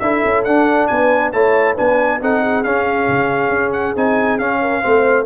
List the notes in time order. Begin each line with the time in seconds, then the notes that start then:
0.00 D4 E4 A4 E5
0.25 C#4
0.44 D4 F#5
0.87 B3 B4 G#5
1.32 A3 E4 C#5 A5
1.75 B3 D4 B4 G#5
2.21 C4 D#4 A4 F#5
2.42 G#4
2.64 C#4 F5
3.09 C#3
3.49 C#4
3.73 F#5
3.96 C4 D#4 G#5
4.39 C#4 F5
4.61 A#4
4.81 A3 C4 C5